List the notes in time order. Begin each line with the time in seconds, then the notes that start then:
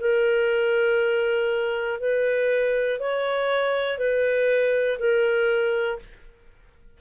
0.00 A#4
2.00 B4
3.00 C#5
3.98 B4
4.99 A#4